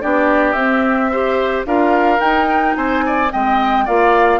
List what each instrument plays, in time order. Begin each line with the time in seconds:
0.00 bassoon B3, clarinet D4, oboe G4, flute D5
0.52 bassoon C4, clarinet C4, flute E5
1.11 clarinet G4, oboe C5
1.65 bassoon D4, clarinet F4, oboe A#4, flute F5
2.18 clarinet D#4, bassoon D#4, flute G5
2.75 bassoon C4, oboe C5, flute G#5
3.06 oboe D5
3.32 bassoon G#3, clarinet C4, oboe D#5, flute G5
3.84 bassoon A#3, clarinet F4, oboe D5, flute F5